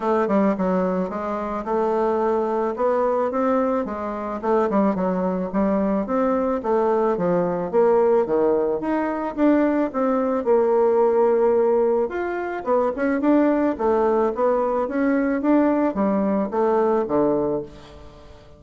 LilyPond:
\new Staff \with { instrumentName = "bassoon" } { \time 4/4 \tempo 4 = 109 a8 g8 fis4 gis4 a4~ | a4 b4 c'4 gis4 | a8 g8 fis4 g4 c'4 | a4 f4 ais4 dis4 |
dis'4 d'4 c'4 ais4~ | ais2 f'4 b8 cis'8 | d'4 a4 b4 cis'4 | d'4 g4 a4 d4 | }